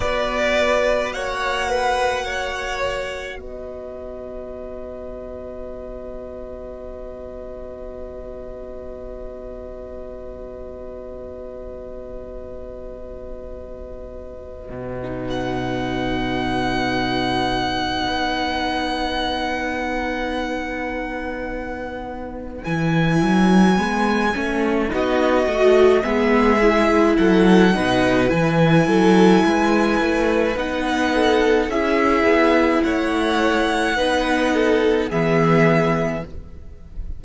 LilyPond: <<
  \new Staff \with { instrumentName = "violin" } { \time 4/4 \tempo 4 = 53 d''4 fis''2 dis''4~ | dis''1~ | dis''1~ | dis''4. fis''2~ fis''8~ |
fis''1 | gis''2 dis''4 e''4 | fis''4 gis''2 fis''4 | e''4 fis''2 e''4 | }
  \new Staff \with { instrumentName = "violin" } { \time 4/4 b'4 cis''8 b'8 cis''4 b'4~ | b'1~ | b'1~ | b'1~ |
b'1~ | b'2 fis'4 gis'4 | a'8 b'4 a'8 b'4. a'8 | gis'4 cis''4 b'8 a'8 gis'4 | }
  \new Staff \with { instrumentName = "viola" } { \time 4/4 fis'1~ | fis'1~ | fis'1~ | fis'4~ fis'16 dis'2~ dis'8.~ |
dis'1 | e'4 b8 cis'8 dis'8 fis'8 b8 e'8~ | e'8 dis'8 e'2 dis'4 | e'2 dis'4 b4 | }
  \new Staff \with { instrumentName = "cello" } { \time 4/4 b4 ais2 b4~ | b1~ | b1~ | b4 b,2. |
b1 | e8 fis8 gis8 a8 b8 a8 gis4 | fis8 b,8 e8 fis8 gis8 a8 b4 | cis'8 b8 a4 b4 e4 | }
>>